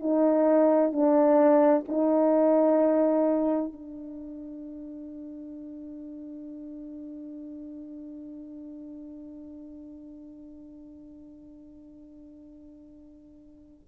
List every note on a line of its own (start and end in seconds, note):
0.00 0.92 D#4
0.93 1.85 D4
1.88 3.73 D#4
3.73 13.88 D4